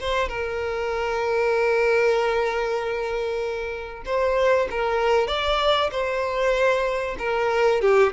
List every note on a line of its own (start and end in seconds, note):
0.00 0.28 C5
0.28 4.03 A#4
4.05 4.68 C5
4.70 5.27 A#4
5.27 5.90 D5
5.91 7.16 C5
7.18 7.81 A#4
7.81 8.12 G4